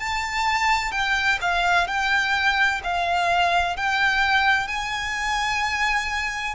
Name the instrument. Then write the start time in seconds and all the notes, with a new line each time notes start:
violin
0.00 A5
0.92 G5
1.41 F5
1.88 G5
2.84 F5
3.77 G5
4.68 G#5